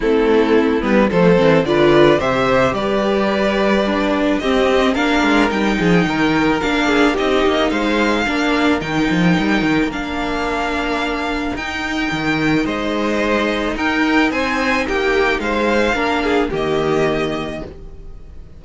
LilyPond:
<<
  \new Staff \with { instrumentName = "violin" } { \time 4/4 \tempo 4 = 109 a'4. b'8 c''4 d''4 | e''4 d''2. | dis''4 f''4 g''2 | f''4 dis''4 f''2 |
g''2 f''2~ | f''4 g''2 dis''4~ | dis''4 g''4 gis''4 g''4 | f''2 dis''2 | }
  \new Staff \with { instrumentName = "violin" } { \time 4/4 e'2 a'4 b'4 | c''4 b'2. | g'4 ais'4. gis'8 ais'4~ | ais'8 gis'8 g'4 c''4 ais'4~ |
ais'1~ | ais'2. c''4~ | c''4 ais'4 c''4 g'4 | c''4 ais'8 gis'8 g'2 | }
  \new Staff \with { instrumentName = "viola" } { \time 4/4 c'4. b8 a8 c'8 f'4 | g'2. d'4 | c'4 d'4 dis'2 | d'4 dis'2 d'4 |
dis'2 d'2~ | d'4 dis'2.~ | dis'1~ | dis'4 d'4 ais2 | }
  \new Staff \with { instrumentName = "cello" } { \time 4/4 a4. g8 f8 e8 d4 | c4 g2. | c'4 ais8 gis8 g8 f8 dis4 | ais4 c'8 ais8 gis4 ais4 |
dis8 f8 g8 dis8 ais2~ | ais4 dis'4 dis4 gis4~ | gis4 dis'4 c'4 ais4 | gis4 ais4 dis2 | }
>>